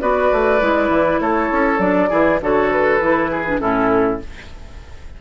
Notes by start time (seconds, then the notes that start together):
0.00 B3 F#4 B4 D5
0.32 A3
0.60 G#3 E4
0.89 E3
1.20 A3 A4 C#5
1.52 C#4
1.79 F#3 D4 D5
2.09 E3 E4 G#4
2.41 D3 F#4 A4 C#5
2.71 B4
3.00 E3 E4
3.31 G#4
3.47 D4
3.60 A2 C#4 E4 A4